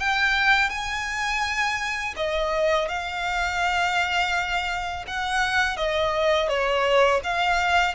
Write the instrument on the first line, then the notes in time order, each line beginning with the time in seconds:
violin
0.00 G5
0.70 G#5
2.17 D#5
2.89 F5
5.08 F#5
5.77 D#5
6.49 C#5
7.24 F5